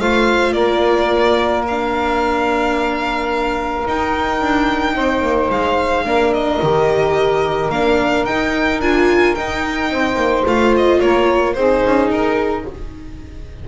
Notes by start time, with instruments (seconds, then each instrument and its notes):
0.00 double bass A3, viola F4, saxophone C5, violin F5
0.53 double bass A#3, saxophone A#4, violin D5
1.68 viola D4, violin F5
3.87 viola D#4, double bass D#4, violin G5
4.41 double bass D4
4.95 double bass C4, saxophone C5
5.22 double bass A#3
5.50 double bass G#3, violin F5
6.05 double bass A#3, viola D4, saxophone A#4
6.34 violin D#5
6.62 double bass D#3, viola G4
7.70 double bass A#3, viola D4, violin F5
8.25 double bass D#4, viola D#4, violin G5
8.80 double bass D4, viola F4, violin G#5
9.35 double bass D#4, viola D#4, violin G5
9.91 double bass C4, saxophone C5
10.16 double bass A#3
10.46 double bass A3, viola F4, violin F5
10.77 violin D#5
11.00 double bass A#3, saxophone A#4, violin C#5
11.54 double bass C4, viola D#4, saxophone G#4, violin C5
11.86 double bass C#4
12.11 double bass D#4, violin A#4